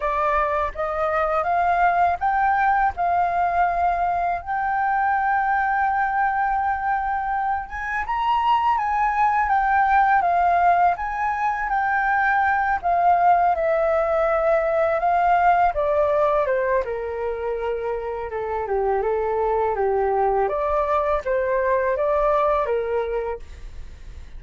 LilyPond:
\new Staff \with { instrumentName = "flute" } { \time 4/4 \tempo 4 = 82 d''4 dis''4 f''4 g''4 | f''2 g''2~ | g''2~ g''8 gis''8 ais''4 | gis''4 g''4 f''4 gis''4 |
g''4. f''4 e''4.~ | e''8 f''4 d''4 c''8 ais'4~ | ais'4 a'8 g'8 a'4 g'4 | d''4 c''4 d''4 ais'4 | }